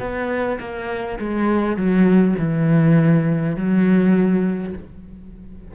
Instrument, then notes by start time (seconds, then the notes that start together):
cello
0.00 B3
0.60 A#3
1.19 G#3
1.76 F#3
2.39 E3
3.56 F#3